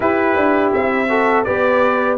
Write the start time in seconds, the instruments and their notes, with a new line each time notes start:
0.00 tuba E4, trombone E4, horn G4, trumpet B4
0.35 tuba D4
0.73 tuba C4, trumpet E5
1.08 trombone F#4, horn A4
1.44 tuba B3, trombone G4, horn B4, trumpet D5